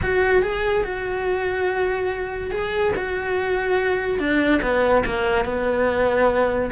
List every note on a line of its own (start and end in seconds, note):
0.02 0.42 F#4
0.42 0.84 G#4
0.84 2.51 F#4
2.51 2.93 G#4
2.95 4.19 F#4
4.19 4.61 D4
4.62 5.03 B3
5.05 5.45 A#3
5.45 6.70 B3